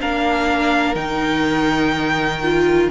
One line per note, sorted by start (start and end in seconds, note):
0.00 0.95 A#3
0.00 0.95 D4
0.00 2.90 A#4
0.00 0.95 F5
0.95 2.89 D#3
0.95 2.41 D#4
0.95 2.89 G5
2.43 2.90 F4